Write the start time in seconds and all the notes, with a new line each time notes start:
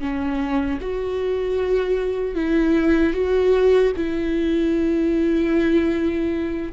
0.00 C#4
0.81 F#4
2.35 E4
3.14 F#4
3.97 E4